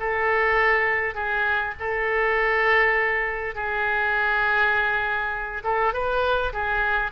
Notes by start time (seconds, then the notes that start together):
0.00 A4
1.15 G#4
1.80 A4
3.55 G#4
5.64 A4
5.94 B4
6.53 G#4